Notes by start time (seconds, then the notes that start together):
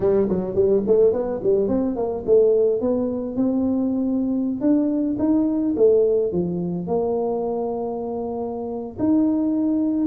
0.00 G3
0.28 F#3
0.55 G3
0.86 A3
1.12 B3
1.43 G3
1.68 C4
1.95 A#3
2.26 A3
2.80 B3
3.36 C4
4.60 D4
5.18 D#4
5.76 A3
6.32 F3
6.87 A#3
8.98 D#4